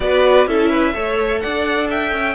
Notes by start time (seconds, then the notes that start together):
0.00 B3 F#4 B4 D5
0.46 C#4 E4 A4 E5
0.69 B4
0.94 A3 A4 C#5
1.40 D4 D5 F#5
1.89 E5 G5
2.12 C#4